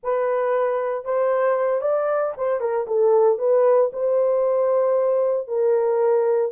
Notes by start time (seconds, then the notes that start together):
0.03 B4
1.04 C5
1.81 D5
2.37 C5
2.60 A#4
2.87 A4
3.38 B4
3.92 C5
5.47 A#4